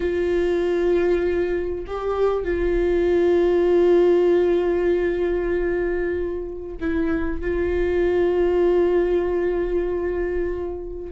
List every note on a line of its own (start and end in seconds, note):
0.00 1.85 F4
1.87 2.43 G4
2.43 6.76 F4
6.80 7.41 E4
7.41 11.12 F4